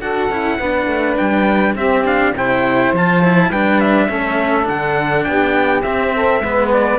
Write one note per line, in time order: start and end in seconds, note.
0.00 0.30 D4
0.00 0.30 F#4
0.00 0.58 A4
0.00 1.17 F#5
0.30 0.59 C#4
0.30 0.61 E4
0.59 0.87 B3
0.59 1.77 D4
0.59 1.76 B4
0.87 1.16 A3
1.18 1.75 G3
1.18 1.76 G5
1.75 2.33 C4
1.75 2.05 C4
1.75 2.34 G4
1.75 2.06 E5
2.05 2.34 D4
2.05 2.36 F5
2.33 2.91 C3
2.33 2.96 E4
2.33 3.49 C5
2.33 2.95 G5
2.93 3.50 F3
2.93 3.24 F4
2.93 3.52 A5
3.24 3.53 E4
3.49 4.08 G3
3.49 4.09 D4
3.49 4.07 B4
3.49 3.81 G5
3.81 4.68 E5
4.09 4.69 A3
4.09 4.64 C#4
4.09 5.26 A4
4.64 5.27 D3
4.64 5.80 D4
4.64 5.24 F#5
5.24 5.83 B3
5.24 6.14 G4
5.24 5.83 G5
5.83 6.41 C4
5.83 6.43 C4
5.83 6.70 E5
6.14 6.43 A4
6.41 6.99 G#3
6.41 6.99 B3
6.41 6.99 B4
6.73 6.99 D5